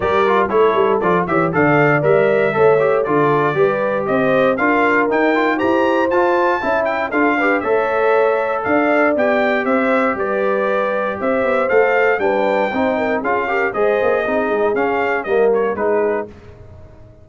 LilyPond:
<<
  \new Staff \with { instrumentName = "trumpet" } { \time 4/4 \tempo 4 = 118 d''4 cis''4 d''8 e''8 f''4 | e''2 d''2 | dis''4 f''4 g''4 ais''4 | a''4. g''8 f''4 e''4~ |
e''4 f''4 g''4 e''4 | d''2 e''4 f''4 | g''2 f''4 dis''4~ | dis''4 f''4 dis''8 cis''8 b'4 | }
  \new Staff \with { instrumentName = "horn" } { \time 4/4 ais'4 a'4. cis''8 d''4~ | d''4 cis''4 a'4 b'4 | c''4 ais'2 c''4~ | c''4 e''4 a'8 b'8 cis''4~ |
cis''4 d''2 c''4 | b'2 c''2 | b'4 c''8 ais'8 gis'8 ais'8 c''4 | gis'2 ais'4 gis'4 | }
  \new Staff \with { instrumentName = "trombone" } { \time 4/4 g'8 f'8 e'4 f'8 g'8 a'4 | ais'4 a'8 g'8 f'4 g'4~ | g'4 f'4 dis'8 f'8 g'4 | f'4 e'4 f'8 g'8 a'4~ |
a'2 g'2~ | g'2. a'4 | d'4 dis'4 f'8 g'8 gis'4 | dis'4 cis'4 ais4 dis'4 | }
  \new Staff \with { instrumentName = "tuba" } { \time 4/4 g4 a8 g8 f8 e8 d4 | g4 a4 d4 g4 | c'4 d'4 dis'4 e'4 | f'4 cis'4 d'4 a4~ |
a4 d'4 b4 c'4 | g2 c'8 b8 a4 | g4 c'4 cis'4 gis8 ais8 | c'8 gis8 cis'4 g4 gis4 | }
>>